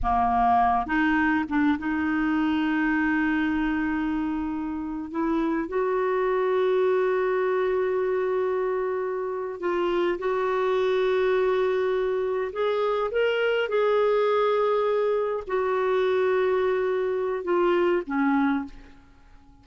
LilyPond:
\new Staff \with { instrumentName = "clarinet" } { \time 4/4 \tempo 4 = 103 ais4. dis'4 d'8 dis'4~ | dis'1~ | dis'8. e'4 fis'2~ fis'16~ | fis'1~ |
fis'8 f'4 fis'2~ fis'8~ | fis'4. gis'4 ais'4 gis'8~ | gis'2~ gis'8 fis'4.~ | fis'2 f'4 cis'4 | }